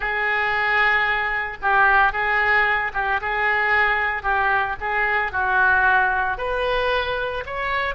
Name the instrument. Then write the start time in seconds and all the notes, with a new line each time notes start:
oboe
0.00 G#4
1.61 G4
2.12 G#4
2.93 G4
3.21 G#4
4.22 G4
4.80 G#4
5.32 F#4
6.37 B4
7.46 C#5